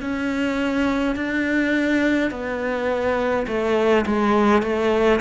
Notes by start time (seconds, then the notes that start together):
0.00 C#4
1.15 D4
2.30 B3
3.47 A3
4.05 G#3
4.62 A3